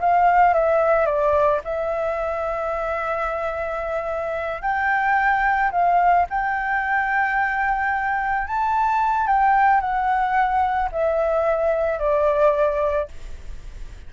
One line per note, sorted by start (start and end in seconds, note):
0.00 0.54 F5
0.54 1.06 E5
1.06 1.60 D5
1.64 4.62 E5
4.62 5.71 G5
5.71 6.26 F5
6.30 8.47 G5
8.47 9.27 A5
9.27 9.80 G5
9.80 10.89 F#5
10.92 11.99 E5
11.99 13.08 D5